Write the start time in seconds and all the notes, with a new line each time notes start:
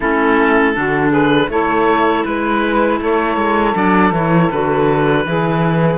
0.00 A3 C#4 E4 A4
0.74 D3 D4 F#4
1.09 G#4 B4
1.48 A3 E4 A4 C#5
2.24 G#3 B4
3.00 A3 A4 C#5
3.37 G#3
3.74 F#3 D4 D5
4.11 E3 E4 C#5
4.50 D3 F#4 B4
5.24 E3 E4 G#4